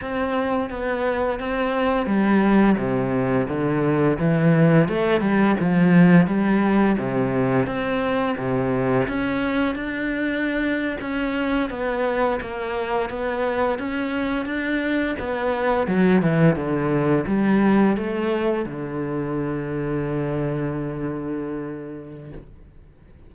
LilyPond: \new Staff \with { instrumentName = "cello" } { \time 4/4 \tempo 4 = 86 c'4 b4 c'4 g4 | c4 d4 e4 a8 g8 | f4 g4 c4 c'4 | c4 cis'4 d'4.~ d'16 cis'16~ |
cis'8. b4 ais4 b4 cis'16~ | cis'8. d'4 b4 fis8 e8 d16~ | d8. g4 a4 d4~ d16~ | d1 | }